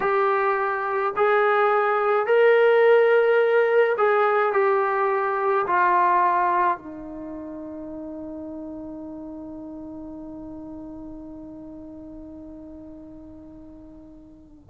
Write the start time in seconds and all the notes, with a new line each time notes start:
0.00 G4
1.16 G#4
2.26 A#4
3.97 G#4
4.52 G4
5.67 F4
6.77 D#4